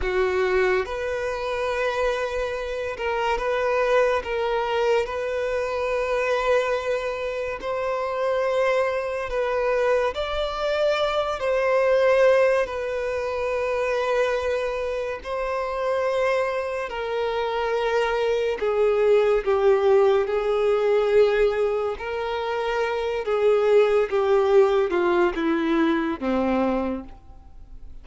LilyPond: \new Staff \with { instrumentName = "violin" } { \time 4/4 \tempo 4 = 71 fis'4 b'2~ b'8 ais'8 | b'4 ais'4 b'2~ | b'4 c''2 b'4 | d''4. c''4. b'4~ |
b'2 c''2 | ais'2 gis'4 g'4 | gis'2 ais'4. gis'8~ | gis'8 g'4 f'8 e'4 c'4 | }